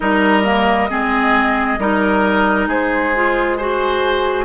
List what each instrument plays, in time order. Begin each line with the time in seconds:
0.00 bassoon G3, clarinet D#4, oboe A#4, flute D#5
0.44 clarinet A#3
0.89 bassoon G#3, clarinet C4, oboe G#4
1.78 bassoon G3, clarinet D#4, oboe A#4
2.67 bassoon G#3, oboe G#4, flute C5
3.15 clarinet F4
3.57 clarinet F#4, flute G#4, oboe C5